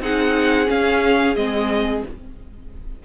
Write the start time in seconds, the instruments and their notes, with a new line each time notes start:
0.00 cello C4, viola D#4, violin G#4 F#5
0.66 viola C#4, cello C#4, violin F5
1.35 cello G#3, viola C4, violin D#5